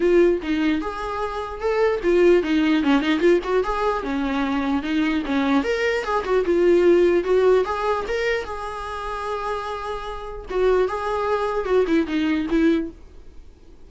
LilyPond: \new Staff \with { instrumentName = "viola" } { \time 4/4 \tempo 4 = 149 f'4 dis'4 gis'2 | a'4 f'4 dis'4 cis'8 dis'8 | f'8 fis'8 gis'4 cis'2 | dis'4 cis'4 ais'4 gis'8 fis'8 |
f'2 fis'4 gis'4 | ais'4 gis'2.~ | gis'2 fis'4 gis'4~ | gis'4 fis'8 e'8 dis'4 e'4 | }